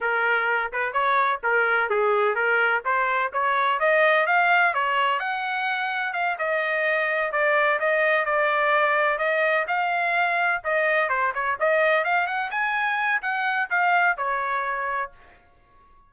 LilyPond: \new Staff \with { instrumentName = "trumpet" } { \time 4/4 \tempo 4 = 127 ais'4. b'8 cis''4 ais'4 | gis'4 ais'4 c''4 cis''4 | dis''4 f''4 cis''4 fis''4~ | fis''4 f''8 dis''2 d''8~ |
d''8 dis''4 d''2 dis''8~ | dis''8 f''2 dis''4 c''8 | cis''8 dis''4 f''8 fis''8 gis''4. | fis''4 f''4 cis''2 | }